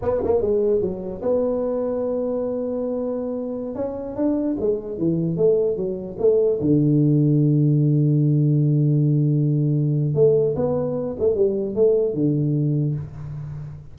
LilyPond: \new Staff \with { instrumentName = "tuba" } { \time 4/4 \tempo 4 = 148 b8 ais8 gis4 fis4 b4~ | b1~ | b4~ b16 cis'4 d'4 gis8.~ | gis16 e4 a4 fis4 a8.~ |
a16 d2.~ d8.~ | d1~ | d4 a4 b4. a8 | g4 a4 d2 | }